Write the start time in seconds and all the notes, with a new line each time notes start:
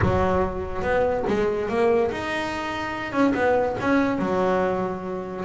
0.01 F#3
0.82 B3
1.27 G#3
1.68 A#3
2.11 D#4
3.12 C#4
3.34 B3
3.80 C#4
4.18 F#3